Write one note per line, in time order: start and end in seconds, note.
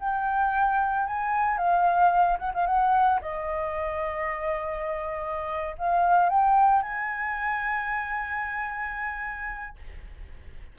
0.00 1.07 G5
1.07 1.58 G#5
1.58 2.38 F5
2.39 2.52 F#5
2.54 2.67 F5
2.67 3.20 F#5
3.21 5.76 D#5
5.78 6.30 F5
6.30 6.83 G5
6.83 9.77 G#5